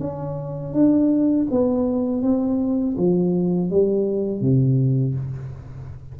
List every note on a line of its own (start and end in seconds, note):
0.00 0.73 C#4
0.73 1.47 D4
1.51 2.22 B3
2.22 2.96 C4
2.98 3.71 F3
3.71 4.41 G3
4.41 5.15 C3